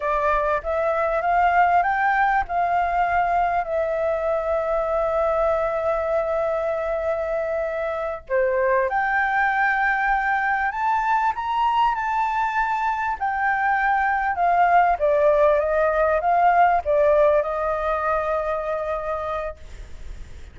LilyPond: \new Staff \with { instrumentName = "flute" } { \time 4/4 \tempo 4 = 98 d''4 e''4 f''4 g''4 | f''2 e''2~ | e''1~ | e''4. c''4 g''4.~ |
g''4. a''4 ais''4 a''8~ | a''4. g''2 f''8~ | f''8 d''4 dis''4 f''4 d''8~ | d''8 dis''2.~ dis''8 | }